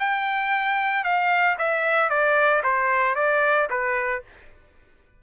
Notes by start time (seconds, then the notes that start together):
0.00 G5
1.04 F5
1.59 E5
2.10 D5
2.64 C5
3.16 D5
3.70 B4